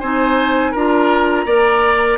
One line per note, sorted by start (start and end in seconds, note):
0.00 0.75 C4
0.00 0.76 D#4
0.00 0.71 C5
0.00 0.73 G#5
0.71 1.45 D4
0.71 1.47 F4
0.71 1.45 A#4
0.71 2.18 A#5
1.45 2.18 A#3
1.45 2.18 A#4
1.45 2.18 D5